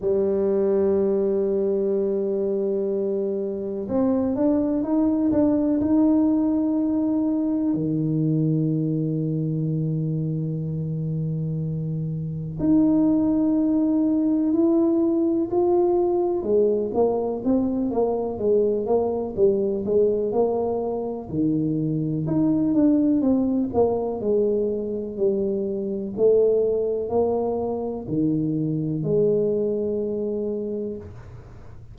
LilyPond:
\new Staff \with { instrumentName = "tuba" } { \time 4/4 \tempo 4 = 62 g1 | c'8 d'8 dis'8 d'8 dis'2 | dis1~ | dis4 dis'2 e'4 |
f'4 gis8 ais8 c'8 ais8 gis8 ais8 | g8 gis8 ais4 dis4 dis'8 d'8 | c'8 ais8 gis4 g4 a4 | ais4 dis4 gis2 | }